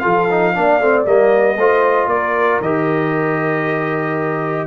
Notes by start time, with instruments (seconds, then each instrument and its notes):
0.00 tuba F3, trombone F4, horn A4, trumpet F5
0.31 trombone D#4
0.55 tuba A#3, trombone D4, horn D5
0.80 tuba A3, trombone C4
1.06 tuba G3, trombone A#3, trumpet D#5
1.58 tuba A3, trombone F4, horn C5
2.08 tuba A#3, horn A#4, trumpet D5
2.61 tuba D#3, trombone G4, trumpet D#5